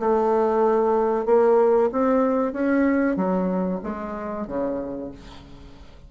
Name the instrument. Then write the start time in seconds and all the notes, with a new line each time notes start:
bassoon
0.00 A3
1.26 A#3
1.92 C4
2.54 C#4
3.17 F#3
3.84 G#3
4.48 C#3